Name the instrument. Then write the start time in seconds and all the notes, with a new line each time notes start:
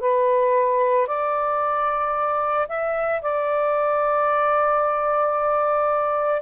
saxophone
0.00 B4
1.06 D5
2.68 E5
3.21 D5